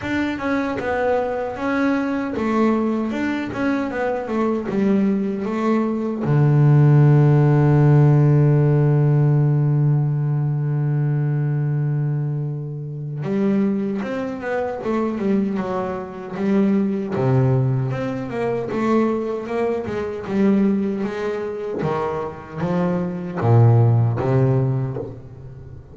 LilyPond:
\new Staff \with { instrumentName = "double bass" } { \time 4/4 \tempo 4 = 77 d'8 cis'8 b4 cis'4 a4 | d'8 cis'8 b8 a8 g4 a4 | d1~ | d1~ |
d4 g4 c'8 b8 a8 g8 | fis4 g4 c4 c'8 ais8 | a4 ais8 gis8 g4 gis4 | dis4 f4 ais,4 c4 | }